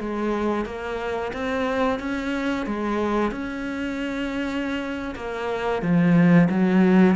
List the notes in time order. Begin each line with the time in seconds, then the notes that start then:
0.00 G#3
0.66 A#3
1.33 C4
2.00 C#4
2.66 G#3
3.32 C#4
5.16 A#3
5.82 F3
6.50 F#3